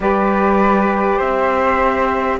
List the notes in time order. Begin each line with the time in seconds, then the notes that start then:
0.00 G3 G4 B4 D5
1.17 C4 C5 E5